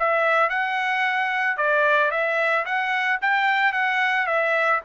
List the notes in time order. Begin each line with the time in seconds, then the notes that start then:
0.00 E5
0.50 F#5
1.57 D5
2.11 E5
2.66 F#5
3.22 G5
3.73 F#5
4.27 E5